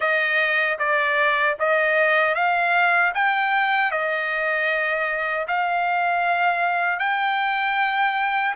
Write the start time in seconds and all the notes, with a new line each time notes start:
0.00 D#5
0.79 D5
1.59 D#5
2.34 F5
3.14 G5
3.91 D#5
5.47 F5
6.99 G5